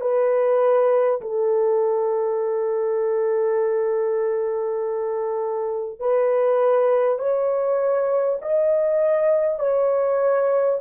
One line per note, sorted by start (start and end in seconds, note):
0.00 1.20 B4
1.21 5.99 A4
5.99 7.18 B4
7.18 8.38 C#5
8.41 9.59 D#5
9.59 10.79 C#5